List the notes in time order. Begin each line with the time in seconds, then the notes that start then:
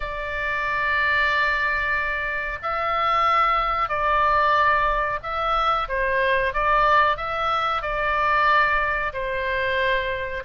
0.00 D5
2.62 E5
3.88 D5
5.22 E5
5.88 C5
6.53 D5
7.16 E5
7.82 D5
9.13 C5